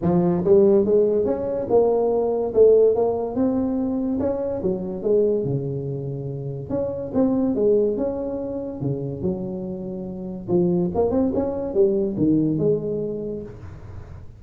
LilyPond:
\new Staff \with { instrumentName = "tuba" } { \time 4/4 \tempo 4 = 143 f4 g4 gis4 cis'4 | ais2 a4 ais4 | c'2 cis'4 fis4 | gis4 cis2. |
cis'4 c'4 gis4 cis'4~ | cis'4 cis4 fis2~ | fis4 f4 ais8 c'8 cis'4 | g4 dis4 gis2 | }